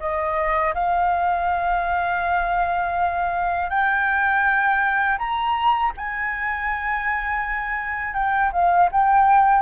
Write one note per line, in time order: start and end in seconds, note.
0.00 0.74 D#5
0.74 3.70 F5
3.70 5.18 G5
5.19 5.93 A#5
5.97 8.14 G#5
8.14 8.51 G5
8.53 8.90 F5
8.92 9.62 G5